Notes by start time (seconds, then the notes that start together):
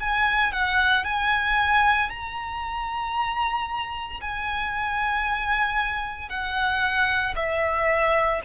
0.00 G#5
0.53 F#5
1.04 G#5
2.10 A#5
4.21 G#5
6.29 F#5
7.36 E5